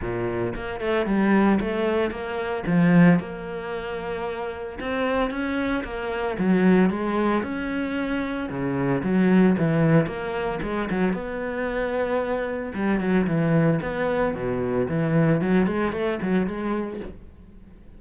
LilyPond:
\new Staff \with { instrumentName = "cello" } { \time 4/4 \tempo 4 = 113 ais,4 ais8 a8 g4 a4 | ais4 f4 ais2~ | ais4 c'4 cis'4 ais4 | fis4 gis4 cis'2 |
cis4 fis4 e4 ais4 | gis8 fis8 b2. | g8 fis8 e4 b4 b,4 | e4 fis8 gis8 a8 fis8 gis4 | }